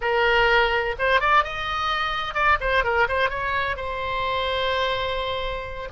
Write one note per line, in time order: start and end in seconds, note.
0.01 0.95 A#4
0.98 1.20 C5
1.20 1.43 D5
1.43 2.34 D#5
2.34 2.58 D5
2.60 2.83 C5
2.83 3.07 A#4
3.08 3.29 C5
3.29 3.76 C#5
3.76 5.88 C5